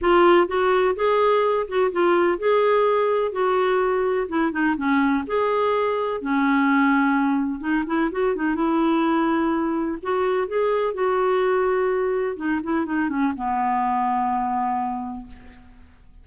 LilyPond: \new Staff \with { instrumentName = "clarinet" } { \time 4/4 \tempo 4 = 126 f'4 fis'4 gis'4. fis'8 | f'4 gis'2 fis'4~ | fis'4 e'8 dis'8 cis'4 gis'4~ | gis'4 cis'2. |
dis'8 e'8 fis'8 dis'8 e'2~ | e'4 fis'4 gis'4 fis'4~ | fis'2 dis'8 e'8 dis'8 cis'8 | b1 | }